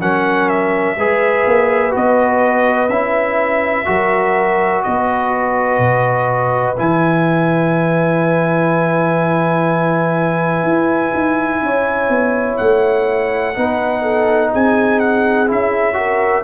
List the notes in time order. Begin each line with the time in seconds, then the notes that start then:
0.00 F#3 C#4 A#4 F#5
0.49 E5
0.97 G#3 G#4 B4
1.46 A#3
1.91 B3 F#4 D#5
2.89 C#4 E4 E5
3.85 F#3 F#4 A#4
4.83 B3 B4 D#5
5.78 B2
6.77 E3 E4 G#5
10.64 E4
11.14 D#4
11.62 C#4 C#5
12.09 B3
12.57 A3 F#5
13.55 B3 D#4 B4
14.02 A4
14.51 C4 G#4 G#5
15.00 F#5
15.47 C#4 E4 E5
15.93 F#4 A#4